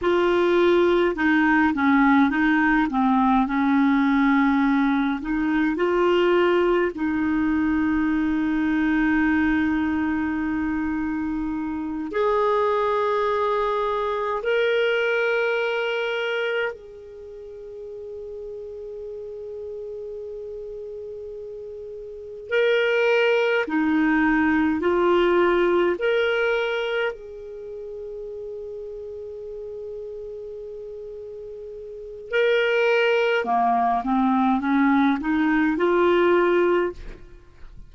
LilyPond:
\new Staff \with { instrumentName = "clarinet" } { \time 4/4 \tempo 4 = 52 f'4 dis'8 cis'8 dis'8 c'8 cis'4~ | cis'8 dis'8 f'4 dis'2~ | dis'2~ dis'8 gis'4.~ | gis'8 ais'2 gis'4.~ |
gis'2.~ gis'8 ais'8~ | ais'8 dis'4 f'4 ais'4 gis'8~ | gis'1 | ais'4 ais8 c'8 cis'8 dis'8 f'4 | }